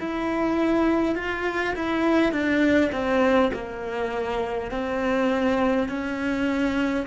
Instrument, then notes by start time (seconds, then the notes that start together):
cello
0.00 E4
1.16 F4
1.75 E4
2.32 D4
2.93 C4
3.53 A#3
4.71 C4
5.89 C#4